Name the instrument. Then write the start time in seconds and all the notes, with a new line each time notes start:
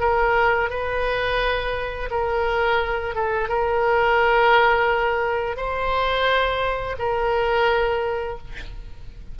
oboe
0.00 A#4
0.70 B4
2.11 A#4
3.15 A4
3.49 A#4
5.57 C5
6.99 A#4